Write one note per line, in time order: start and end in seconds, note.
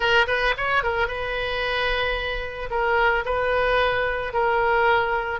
0.00 0.26 A#4
0.27 0.54 B4
0.57 0.83 C#5
0.83 1.07 A#4
1.07 2.69 B4
2.70 3.24 A#4
3.25 4.33 B4
4.33 5.40 A#4